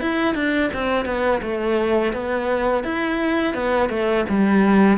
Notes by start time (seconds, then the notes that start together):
0.00 E4
0.34 D4
0.73 C4
1.05 B3
1.41 A3
2.13 B3
2.83 E4
3.54 B3
3.89 A3
4.29 G3